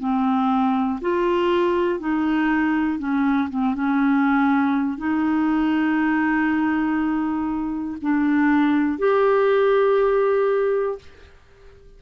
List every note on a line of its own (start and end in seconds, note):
0.00 1.00 C4
1.01 2.00 F4
2.00 2.99 D#4
2.99 3.49 C#4
3.50 3.75 C4
3.75 4.98 C#4
4.98 7.98 D#4
8.02 8.98 D4
8.98 10.98 G4